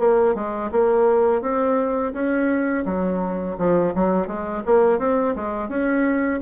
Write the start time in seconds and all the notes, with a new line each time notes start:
0.00 A#3
0.35 G#3
0.72 A#3
1.42 C4
2.14 C#4
2.86 F#3
3.58 F3
3.95 F#3
4.28 G#3
4.66 A#3
4.99 C4
5.36 G#3
5.69 C#4